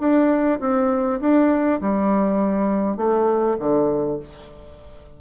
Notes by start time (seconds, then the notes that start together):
0.00 D4
0.60 C4
1.21 D4
1.81 G3
2.97 A3
3.59 D3